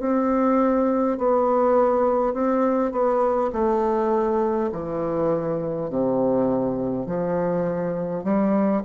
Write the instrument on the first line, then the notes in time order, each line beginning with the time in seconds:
bassoon
0.00 C4
1.18 B3
2.33 C4
2.91 B3
3.52 A3
4.72 E3
5.90 C3
7.06 F3
8.24 G3